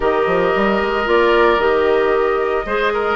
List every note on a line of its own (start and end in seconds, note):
0.00 0.26 D#3
0.00 1.05 G4
0.00 2.65 A#4
0.00 1.08 D#5
0.26 0.52 F3
0.55 0.81 G3
0.81 1.07 G#3
1.05 1.57 A#3
1.05 1.58 F4
1.05 1.60 D5
1.57 2.63 D#3
1.57 2.65 G4
1.57 3.16 D#5
2.65 3.16 G#3
2.65 3.16 G#4
2.65 2.92 C5
2.93 3.16 A#4